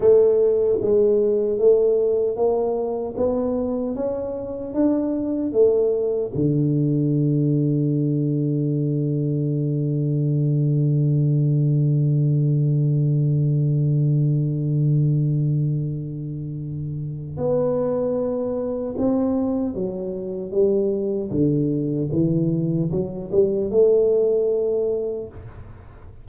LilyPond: \new Staff \with { instrumentName = "tuba" } { \time 4/4 \tempo 4 = 76 a4 gis4 a4 ais4 | b4 cis'4 d'4 a4 | d1~ | d1~ |
d1~ | d2 b2 | c'4 fis4 g4 d4 | e4 fis8 g8 a2 | }